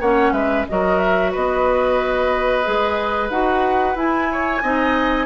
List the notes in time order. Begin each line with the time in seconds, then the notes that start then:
0.00 A#3 C#4 C#5 F#5
0.32 G#3 B4 E5
0.68 F#3 F#4 A#4 D#5
0.99 E5
1.31 B3 B4 D#5
2.64 G#3 G#4
3.30 D#4 F#4 F#5
3.95 E4 G#5
4.32 C#5
4.62 C4 D#4 D#5